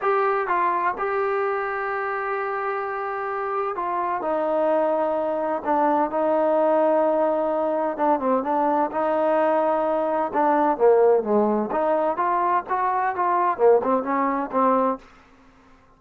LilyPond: \new Staff \with { instrumentName = "trombone" } { \time 4/4 \tempo 4 = 128 g'4 f'4 g'2~ | g'1 | f'4 dis'2. | d'4 dis'2.~ |
dis'4 d'8 c'8 d'4 dis'4~ | dis'2 d'4 ais4 | gis4 dis'4 f'4 fis'4 | f'4 ais8 c'8 cis'4 c'4 | }